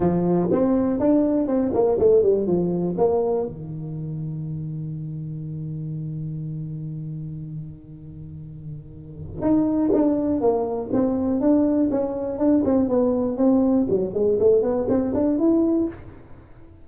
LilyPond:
\new Staff \with { instrumentName = "tuba" } { \time 4/4 \tempo 4 = 121 f4 c'4 d'4 c'8 ais8 | a8 g8 f4 ais4 dis4~ | dis1~ | dis1~ |
dis2. dis'4 | d'4 ais4 c'4 d'4 | cis'4 d'8 c'8 b4 c'4 | fis8 gis8 a8 b8 c'8 d'8 e'4 | }